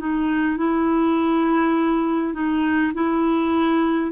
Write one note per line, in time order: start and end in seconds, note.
0.00 0.57 D#4
0.57 2.34 E4
2.34 2.93 D#4
2.95 4.12 E4